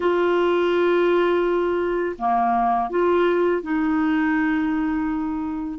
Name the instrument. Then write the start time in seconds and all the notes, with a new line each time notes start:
clarinet
0.00 F4
2.18 A#3
2.89 F4
3.62 D#4